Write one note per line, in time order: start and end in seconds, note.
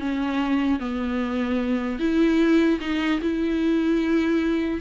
0.00 0.80 C#4
0.80 1.99 B3
1.99 2.79 E4
2.81 3.21 D#4
3.22 4.81 E4